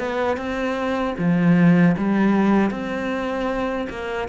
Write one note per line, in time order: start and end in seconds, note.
0.00 0.37 B3
0.37 1.15 C4
1.18 1.96 F3
1.98 2.71 G3
2.71 3.88 C4
3.90 4.29 A#3